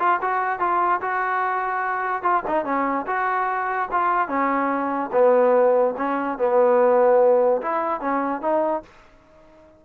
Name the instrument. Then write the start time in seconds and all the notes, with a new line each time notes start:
trombone
0.00 F4
0.22 F#4
0.60 F4
1.02 F#4
2.23 F4
2.48 D#4
2.65 C#4
3.07 F#4
3.92 F4
4.29 C#4
5.13 B3
5.98 C#4
6.39 B3
7.62 E4
8.01 C#4
8.42 D#4